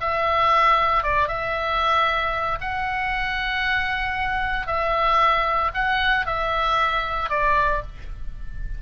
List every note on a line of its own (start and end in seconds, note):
0.00 1.03 E5
1.03 1.28 D5
1.28 2.58 E5
2.60 4.66 F#5
4.66 5.71 E5
5.74 6.26 F#5
6.26 7.29 E5
7.29 7.82 D5